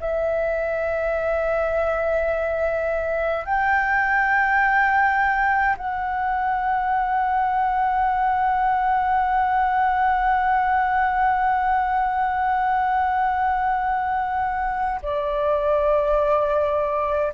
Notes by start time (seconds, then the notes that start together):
0.00 E5
3.45 G5
5.77 F#5
15.02 D5